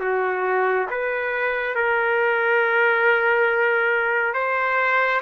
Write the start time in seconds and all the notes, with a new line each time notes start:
0.00 F#4
0.90 B4
1.75 A#4
4.34 C5